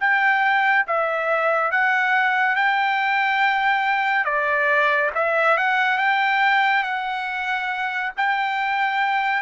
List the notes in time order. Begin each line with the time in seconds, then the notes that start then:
0.00 G5
0.88 E5
1.71 F#5
2.56 G5
4.25 D5
5.15 E5
5.58 F#5
5.98 G5
6.83 F#5
8.17 G5